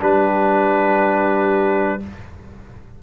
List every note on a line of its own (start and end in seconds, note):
0.00 2.02 G3
0.00 2.00 D4
0.00 2.01 G4
0.00 2.02 B4